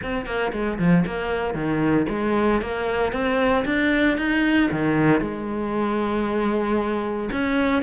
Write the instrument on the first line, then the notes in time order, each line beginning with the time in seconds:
cello
0.03 C4
0.26 A#3
0.52 G#3
0.78 F3
1.06 A#3
1.54 D#3
2.09 G#3
2.61 A#3
3.12 C4
3.65 D4
4.17 D#4
4.71 D#3
5.21 G#3
7.32 C#4